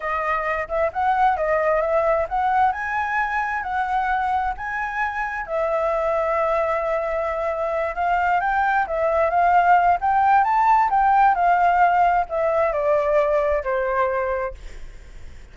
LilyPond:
\new Staff \with { instrumentName = "flute" } { \time 4/4 \tempo 4 = 132 dis''4. e''8 fis''4 dis''4 | e''4 fis''4 gis''2 | fis''2 gis''2 | e''1~ |
e''4. f''4 g''4 e''8~ | e''8 f''4. g''4 a''4 | g''4 f''2 e''4 | d''2 c''2 | }